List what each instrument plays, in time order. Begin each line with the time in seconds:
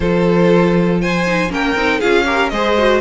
0.00 cello F3, viola F4, violin A4 C5
1.00 violin C5 G#5
1.26 viola D#4
1.49 cello A#3, viola C#4, violin A#4 G5
1.75 cello C4, viola D#4
1.98 cello C#4, viola F4, violin G#4 F5
2.24 viola G4, violin A#4
2.49 cello G#3, viola G#4, violin C5 D#5
2.77 viola F#4